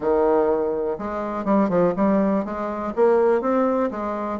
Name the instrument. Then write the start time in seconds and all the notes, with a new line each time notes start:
bassoon
0.00 D#3
0.98 G#3
1.45 G3
1.69 F3
1.96 G3
2.44 G#3
2.95 A#3
3.41 C4
3.90 G#3